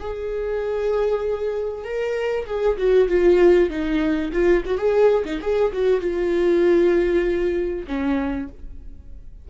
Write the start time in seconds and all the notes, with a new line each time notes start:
0.00 G#4
1.84 A#4
2.46 G#4
2.78 F#4
3.08 F4
3.70 D#4
4.33 F4
4.66 F#4
4.78 G#4
5.25 D#4
5.42 G#4
5.72 F#4
6.01 F4
7.87 C#4